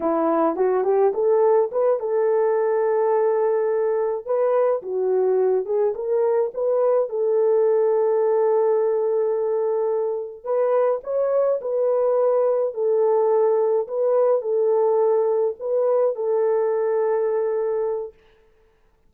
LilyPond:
\new Staff \with { instrumentName = "horn" } { \time 4/4 \tempo 4 = 106 e'4 fis'8 g'8 a'4 b'8 a'8~ | a'2.~ a'8 b'8~ | b'8 fis'4. gis'8 ais'4 b'8~ | b'8 a'2.~ a'8~ |
a'2~ a'8 b'4 cis''8~ | cis''8 b'2 a'4.~ | a'8 b'4 a'2 b'8~ | b'8 a'2.~ a'8 | }